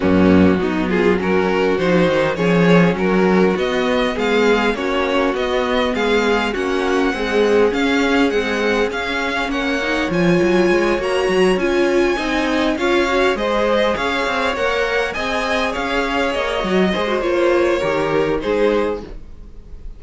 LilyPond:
<<
  \new Staff \with { instrumentName = "violin" } { \time 4/4 \tempo 4 = 101 fis'4. gis'8 ais'4 c''4 | cis''4 ais'4 dis''4 f''4 | cis''4 dis''4 f''4 fis''4~ | fis''4 f''4 fis''4 f''4 |
fis''4 gis''4. ais''4 gis''8~ | gis''4. f''4 dis''4 f''8~ | f''8 fis''4 gis''4 f''4 dis''8~ | dis''4 cis''2 c''4 | }
  \new Staff \with { instrumentName = "violin" } { \time 4/4 cis'4 dis'8 f'8 fis'2 | gis'4 fis'2 gis'4 | fis'2 gis'4 fis'4 | gis'1 |
cis''1~ | cis''8 dis''4 cis''4 c''4 cis''8~ | cis''4. dis''4 cis''4.~ | cis''8 c''4. ais'4 gis'4 | }
  \new Staff \with { instrumentName = "viola" } { \time 4/4 ais4 b4 cis'4 dis'4 | cis'2 b2 | cis'4 b2 cis'4 | gis4 cis'4 gis4 cis'4~ |
cis'8 dis'8 f'4. fis'4 f'8~ | f'8 dis'4 f'8 fis'8 gis'4.~ | gis'8 ais'4 gis'2~ gis'8 | fis'8 gis'16 fis'16 f'4 g'4 dis'4 | }
  \new Staff \with { instrumentName = "cello" } { \time 4/4 fis,4 fis2 f8 dis8 | f4 fis4 b4 gis4 | ais4 b4 gis4 ais4 | c'4 cis'4 c'4 cis'4 |
ais4 f8 fis8 gis8 ais8 fis8 cis'8~ | cis'8 c'4 cis'4 gis4 cis'8 | c'8 ais4 c'4 cis'4 ais8 | fis8 gis8 ais4 dis4 gis4 | }
>>